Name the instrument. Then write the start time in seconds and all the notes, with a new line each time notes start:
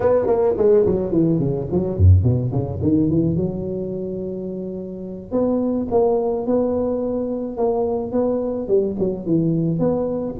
tuba
0.00 B3
0.26 A#3
0.57 G#3
0.86 F#3
1.11 E3
1.39 C#3
1.71 F#3
1.97 F#2
2.23 B2
2.51 C#3
2.81 D#3
3.10 E3
3.36 F#3
5.31 B3
5.90 A#3
6.46 B3
7.57 A#3
8.12 B3
8.68 G3
8.99 F#3
9.26 E3
9.79 B3